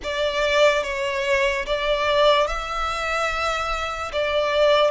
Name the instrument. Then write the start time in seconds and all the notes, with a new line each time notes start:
violin
0.03 D5
0.83 C#5
1.66 D5
2.47 E5
4.12 D5